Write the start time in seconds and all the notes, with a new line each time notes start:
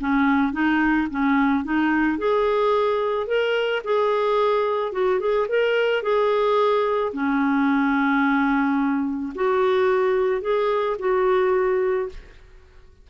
0.00 C#4
0.52 D#4
1.10 C#4
1.64 D#4
2.18 G#4
3.27 A#4
3.84 G#4
4.92 F#4
5.19 G#4
5.48 A#4
6.02 G#4
7.13 C#4
9.35 F#4
10.41 G#4
10.99 F#4